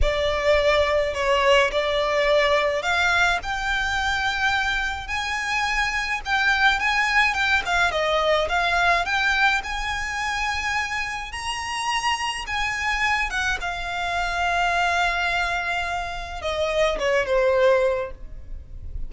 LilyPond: \new Staff \with { instrumentName = "violin" } { \time 4/4 \tempo 4 = 106 d''2 cis''4 d''4~ | d''4 f''4 g''2~ | g''4 gis''2 g''4 | gis''4 g''8 f''8 dis''4 f''4 |
g''4 gis''2. | ais''2 gis''4. fis''8 | f''1~ | f''4 dis''4 cis''8 c''4. | }